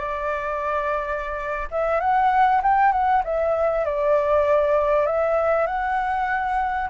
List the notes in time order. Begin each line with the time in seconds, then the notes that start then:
0.00 D5
1.71 E5
2.01 F#5
2.63 G5
2.92 F#5
3.24 E5
3.86 D5
5.07 E5
5.67 F#5